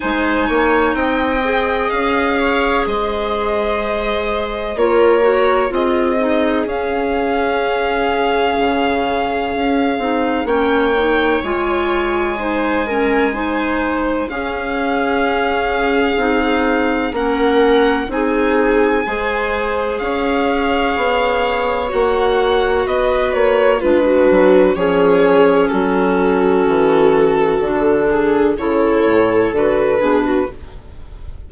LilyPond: <<
  \new Staff \with { instrumentName = "violin" } { \time 4/4 \tempo 4 = 63 gis''4 g''4 f''4 dis''4~ | dis''4 cis''4 dis''4 f''4~ | f''2. g''4 | gis''2. f''4~ |
f''2 fis''4 gis''4~ | gis''4 f''2 fis''4 | dis''8 cis''8 b'4 cis''4 a'4~ | a'2 cis''4 b'4 | }
  \new Staff \with { instrumentName = "viola" } { \time 4/4 c''8 cis''8 dis''4. cis''8 c''4~ | c''4 ais'4 gis'2~ | gis'2. cis''4~ | cis''4 c''8 ais'8 c''4 gis'4~ |
gis'2 ais'4 gis'4 | c''4 cis''2. | b'4 f'16 fis'8. gis'4 fis'4~ | fis'4. gis'8 a'4. gis'16 fis'16 | }
  \new Staff \with { instrumentName = "clarinet" } { \time 4/4 dis'4. gis'2~ gis'8~ | gis'4 f'8 fis'8 f'8 dis'8 cis'4~ | cis'2~ cis'8 dis'8 cis'8 dis'8 | f'4 dis'8 cis'8 dis'4 cis'4~ |
cis'4 dis'4 cis'4 dis'4 | gis'2. fis'4~ | fis'4 d'4 cis'2~ | cis'4 d'4 e'4 fis'8 d'8 | }
  \new Staff \with { instrumentName = "bassoon" } { \time 4/4 gis8 ais8 c'4 cis'4 gis4~ | gis4 ais4 c'4 cis'4~ | cis'4 cis4 cis'8 c'8 ais4 | gis2. cis'4~ |
cis'4 c'4 ais4 c'4 | gis4 cis'4 b4 ais4 | b8 ais8 gis8 fis8 f4 fis4 | e4 d4 cis8 a,8 d8 b,8 | }
>>